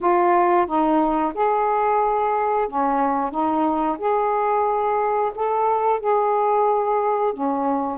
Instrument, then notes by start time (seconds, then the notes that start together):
saxophone
0.00 F4
0.66 D#4
1.34 G#4
2.68 C#4
3.31 D#4
3.98 G#4
5.35 A4
6.00 G#4
7.33 C#4